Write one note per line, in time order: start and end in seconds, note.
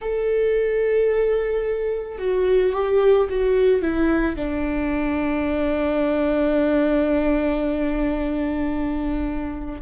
0.01 2.18 A4
2.18 2.73 F#4
2.73 3.27 G4
3.29 3.81 F#4
3.81 4.35 E4
4.35 9.81 D4